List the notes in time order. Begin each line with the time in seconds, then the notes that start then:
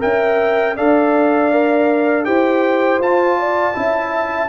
0.00 C#4 A#4 E5 G5
0.76 D4 A4 D5 F5
1.52 A#4
2.25 E4 G4 C5 G5
2.99 F4 A5
3.39 D5
3.73 C#4 E4 E5